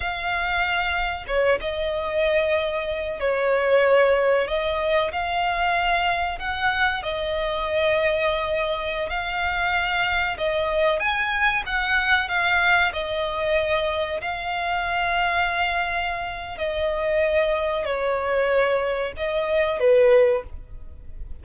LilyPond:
\new Staff \with { instrumentName = "violin" } { \time 4/4 \tempo 4 = 94 f''2 cis''8 dis''4.~ | dis''4 cis''2 dis''4 | f''2 fis''4 dis''4~ | dis''2~ dis''16 f''4.~ f''16~ |
f''16 dis''4 gis''4 fis''4 f''8.~ | f''16 dis''2 f''4.~ f''16~ | f''2 dis''2 | cis''2 dis''4 b'4 | }